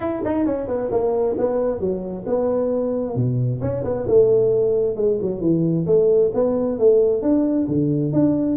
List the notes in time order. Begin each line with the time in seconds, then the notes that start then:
0.00 E4
0.24 D#4
0.45 C#4
0.67 B3
0.91 A#3
1.37 B3
1.79 F#3
2.26 B3
3.15 B2
3.61 C#4
3.83 B3
4.07 A3
4.96 G#3
5.21 F#3
5.41 E3
5.86 A3
6.33 B3
6.78 A3
7.22 D4
7.68 D3
8.12 D4